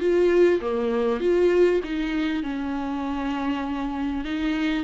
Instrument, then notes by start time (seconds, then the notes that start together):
viola
0.00 F4
0.61 A#3
1.21 F4
1.84 D#4
2.44 C#4
4.25 D#4